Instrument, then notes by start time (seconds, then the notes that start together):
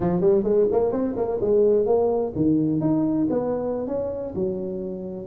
tuba
0.00 F3
0.20 G3
0.43 G#3
0.71 A#3
0.91 C4
1.16 A#3
1.40 G#3
1.86 A#3
2.35 D#3
2.80 D#4
3.30 B3
3.87 C#4
4.34 F#3